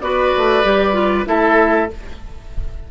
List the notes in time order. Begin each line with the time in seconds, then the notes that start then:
0.00 B3 F#4 B4 D5
0.37 A3
0.63 G3 G4
0.93 F4
1.25 A3 E4 A4 E5